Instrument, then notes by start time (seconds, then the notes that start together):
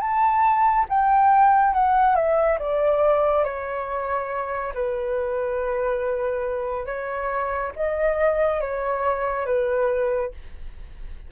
flute
0.00 A5
0.89 G5
1.73 F#5
2.15 E5
2.59 D5
3.44 C#5
4.74 B4
6.86 C#5
7.76 D#5
8.61 C#5
9.46 B4